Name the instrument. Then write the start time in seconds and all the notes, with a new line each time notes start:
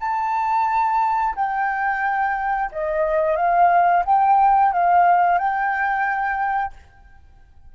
flute
0.00 A5
1.35 G5
2.72 D#5
3.36 F5
4.05 G5
4.72 F5
5.38 G5